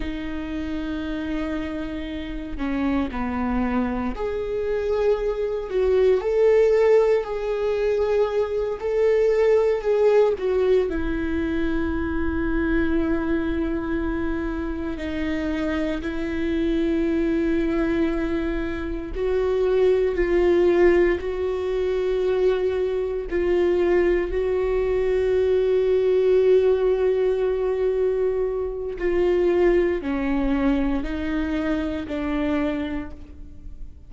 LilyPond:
\new Staff \with { instrumentName = "viola" } { \time 4/4 \tempo 4 = 58 dis'2~ dis'8 cis'8 b4 | gis'4. fis'8 a'4 gis'4~ | gis'8 a'4 gis'8 fis'8 e'4.~ | e'2~ e'8 dis'4 e'8~ |
e'2~ e'8 fis'4 f'8~ | f'8 fis'2 f'4 fis'8~ | fis'1 | f'4 cis'4 dis'4 d'4 | }